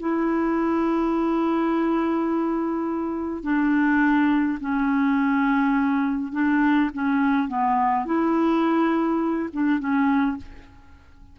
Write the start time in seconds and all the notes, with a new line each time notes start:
0.00 E4
3.43 D4
4.60 C#4
6.33 D4
6.94 C#4
7.48 B3
8.05 E4
9.53 D4
9.80 C#4